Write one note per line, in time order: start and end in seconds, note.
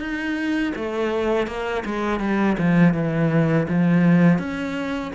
0.00 0.73 D#4
0.75 1.47 A3
1.47 1.84 A#3
1.85 2.20 G#3
2.20 2.56 G3
2.58 2.94 F3
2.94 3.67 E3
3.69 4.39 F3
4.39 5.12 C#4